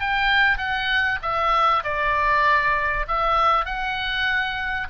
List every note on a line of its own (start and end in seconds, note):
0.00 0.58 G5
0.58 1.19 F#5
1.22 1.83 E5
1.84 3.06 D5
3.08 3.65 E5
3.65 4.88 F#5